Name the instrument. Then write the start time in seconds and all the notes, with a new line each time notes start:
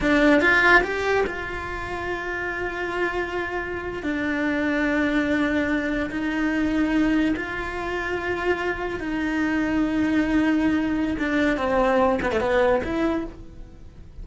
cello
0.01 D4
0.41 F4
0.83 G4
1.26 F4
4.03 D4
6.10 D#4
7.36 F4
9.00 D#4
11.19 D4
11.57 C4
12.22 B3
12.31 A3
12.40 B3
12.83 E4